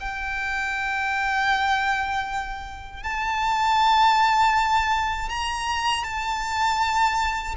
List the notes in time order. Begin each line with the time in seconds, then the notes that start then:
0.00 G5
3.03 A5
5.30 A#5
6.03 A5